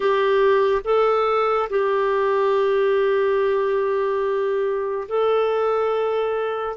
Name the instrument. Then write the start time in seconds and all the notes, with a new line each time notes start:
clarinet
0.00 G4
0.84 A4
1.69 G4
5.08 A4